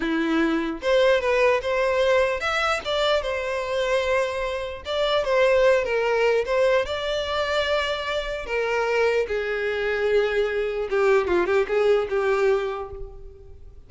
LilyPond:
\new Staff \with { instrumentName = "violin" } { \time 4/4 \tempo 4 = 149 e'2 c''4 b'4 | c''2 e''4 d''4 | c''1 | d''4 c''4. ais'4. |
c''4 d''2.~ | d''4 ais'2 gis'4~ | gis'2. g'4 | f'8 g'8 gis'4 g'2 | }